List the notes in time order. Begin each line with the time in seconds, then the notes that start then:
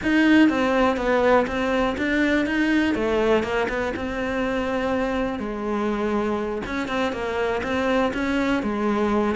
0.02 D#4
0.49 C4
0.96 B3
1.47 C4
1.97 D4
2.45 D#4
2.94 A3
3.43 A#3
3.69 B3
3.96 C4
5.39 G#3
6.66 C#4
6.88 C4
7.12 A#3
7.63 C4
8.13 C#4
8.62 G#3